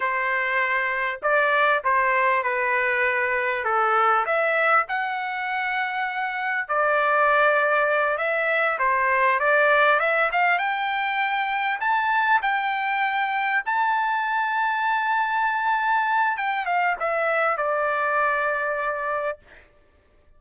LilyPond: \new Staff \with { instrumentName = "trumpet" } { \time 4/4 \tempo 4 = 99 c''2 d''4 c''4 | b'2 a'4 e''4 | fis''2. d''4~ | d''4. e''4 c''4 d''8~ |
d''8 e''8 f''8 g''2 a''8~ | a''8 g''2 a''4.~ | a''2. g''8 f''8 | e''4 d''2. | }